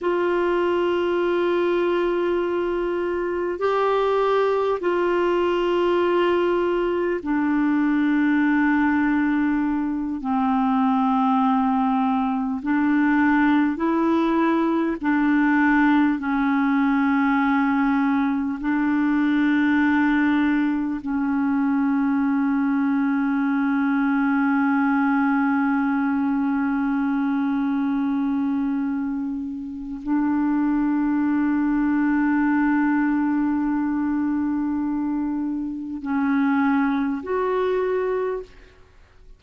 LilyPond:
\new Staff \with { instrumentName = "clarinet" } { \time 4/4 \tempo 4 = 50 f'2. g'4 | f'2 d'2~ | d'8 c'2 d'4 e'8~ | e'8 d'4 cis'2 d'8~ |
d'4. cis'2~ cis'8~ | cis'1~ | cis'4 d'2.~ | d'2 cis'4 fis'4 | }